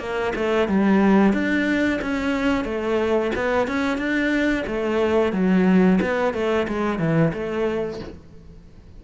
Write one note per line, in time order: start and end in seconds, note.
0.00 0.33 A#3
0.36 0.68 A3
0.68 1.33 G3
1.33 2.00 D4
2.02 2.65 C#4
2.65 3.32 A3
3.35 3.68 B3
3.68 3.98 C#4
3.98 4.65 D4
4.67 5.33 A3
5.33 5.99 F#3
6.02 6.34 B3
6.34 6.67 A3
6.68 6.99 G#3
6.99 7.33 E3
7.33 8.00 A3